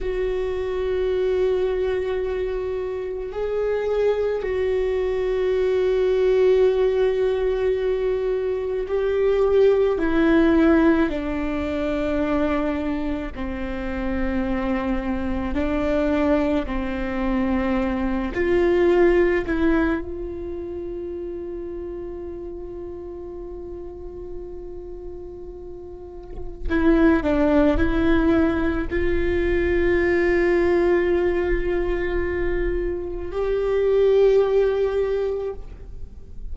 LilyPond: \new Staff \with { instrumentName = "viola" } { \time 4/4 \tempo 4 = 54 fis'2. gis'4 | fis'1 | g'4 e'4 d'2 | c'2 d'4 c'4~ |
c'8 f'4 e'8 f'2~ | f'1 | e'8 d'8 e'4 f'2~ | f'2 g'2 | }